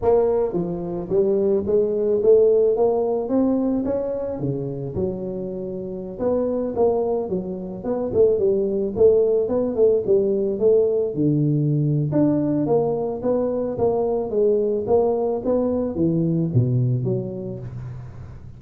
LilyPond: \new Staff \with { instrumentName = "tuba" } { \time 4/4 \tempo 4 = 109 ais4 f4 g4 gis4 | a4 ais4 c'4 cis'4 | cis4 fis2~ fis16 b8.~ | b16 ais4 fis4 b8 a8 g8.~ |
g16 a4 b8 a8 g4 a8.~ | a16 d4.~ d16 d'4 ais4 | b4 ais4 gis4 ais4 | b4 e4 b,4 fis4 | }